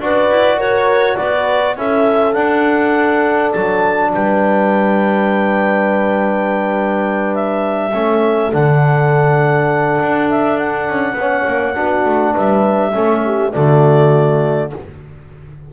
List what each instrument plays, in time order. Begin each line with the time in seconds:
0.00 double bass D4, trombone F#4, horn B4, clarinet D5
0.30 double bass E4
0.57 double bass F#4, horn A#4, clarinet C#5
1.17 double bass B3, horn B4, clarinet D5
1.77 double bass C#4, trombone E4, horn A4, clarinet E5
2.33 trombone D4, double bass D4, clarinet F#5
3.52 double bass F#3, clarinet A5
4.14 double bass G3, horn B4, clarinet G5
7.35 clarinet E5
7.94 double bass A3, trombone C#4, horn A4
8.52 double bass D3, trombone D4, clarinet F#5
10.01 double bass D4
10.30 clarinet E5
10.58 clarinet F#5
10.90 double bass C#4
11.13 double bass B3, horn C#5
11.21 trombone C#4
11.48 double bass A#3
11.75 double bass B3, trombone D4, horn F#4
12.06 double bass A3
12.33 double bass G3, horn B4, clarinet E5
12.93 double bass A3, trombone C#4, horn A4
13.25 horn G4
13.52 double bass D3, trombone A3, horn F#4, clarinet D5